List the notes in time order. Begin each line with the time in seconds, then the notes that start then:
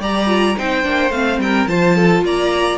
0.00 G3 G4 D5 A#5
0.27 F4
0.57 C4 D#4 C5 G5
0.83 A#3 D4
1.11 A3 C4 F5
1.38 G3 A#4 G5
1.67 F3 F4 C5 A5
1.96 A4
2.23 A#3 D5 A#5